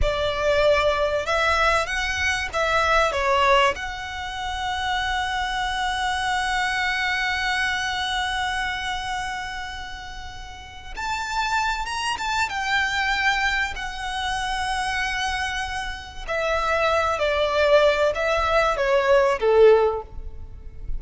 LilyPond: \new Staff \with { instrumentName = "violin" } { \time 4/4 \tempo 4 = 96 d''2 e''4 fis''4 | e''4 cis''4 fis''2~ | fis''1~ | fis''1~ |
fis''4. a''4. ais''8 a''8 | g''2 fis''2~ | fis''2 e''4. d''8~ | d''4 e''4 cis''4 a'4 | }